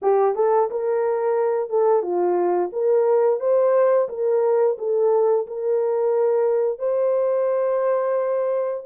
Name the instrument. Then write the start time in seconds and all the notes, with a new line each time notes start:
horn
0.02 G4
0.35 A4
0.70 A#4
1.69 A4
2.02 F4
2.72 A#4
3.40 C5
4.08 A#4
4.78 A4
5.46 A#4
6.78 C5